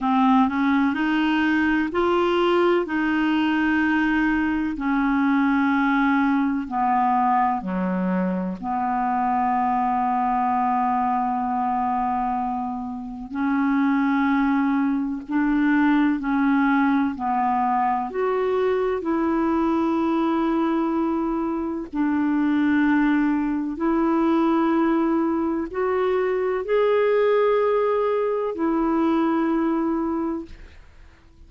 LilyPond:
\new Staff \with { instrumentName = "clarinet" } { \time 4/4 \tempo 4 = 63 c'8 cis'8 dis'4 f'4 dis'4~ | dis'4 cis'2 b4 | fis4 b2.~ | b2 cis'2 |
d'4 cis'4 b4 fis'4 | e'2. d'4~ | d'4 e'2 fis'4 | gis'2 e'2 | }